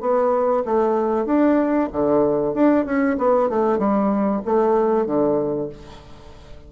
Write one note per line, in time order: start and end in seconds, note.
0.00 0.63 B3
0.65 1.25 A3
1.25 1.89 D4
1.92 2.54 D3
2.54 2.85 D4
2.85 3.17 C#4
3.18 3.49 B3
3.49 3.78 A3
3.78 4.42 G3
4.45 5.06 A3
5.06 5.69 D3